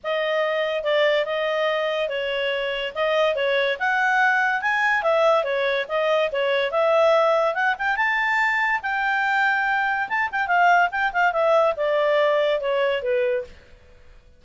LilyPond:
\new Staff \with { instrumentName = "clarinet" } { \time 4/4 \tempo 4 = 143 dis''2 d''4 dis''4~ | dis''4 cis''2 dis''4 | cis''4 fis''2 gis''4 | e''4 cis''4 dis''4 cis''4 |
e''2 fis''8 g''8 a''4~ | a''4 g''2. | a''8 g''8 f''4 g''8 f''8 e''4 | d''2 cis''4 b'4 | }